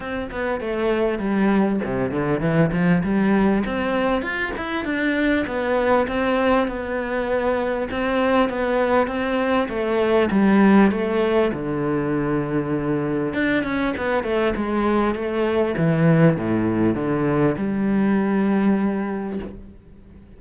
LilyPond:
\new Staff \with { instrumentName = "cello" } { \time 4/4 \tempo 4 = 99 c'8 b8 a4 g4 c8 d8 | e8 f8 g4 c'4 f'8 e'8 | d'4 b4 c'4 b4~ | b4 c'4 b4 c'4 |
a4 g4 a4 d4~ | d2 d'8 cis'8 b8 a8 | gis4 a4 e4 a,4 | d4 g2. | }